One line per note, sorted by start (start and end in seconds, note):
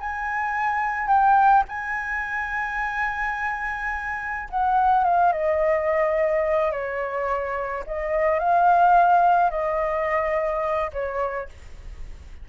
0.00 1.08 G#5
1.08 1.64 G5
1.68 4.49 G#5
4.50 5.04 F#5
5.04 5.32 F5
5.32 6.72 D#5
6.72 7.84 C#5
7.87 8.39 D#5
8.39 9.50 F5
9.50 10.91 D#5
10.93 11.49 C#5